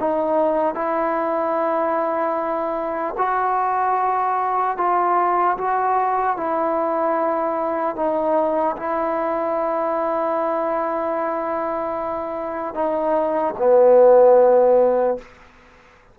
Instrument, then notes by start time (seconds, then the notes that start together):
trombone
0.00 D#4
0.75 E4
3.18 F#4
4.77 F4
5.58 F#4
6.37 E4
7.96 D#4
8.77 E4
12.75 D#4
13.59 B3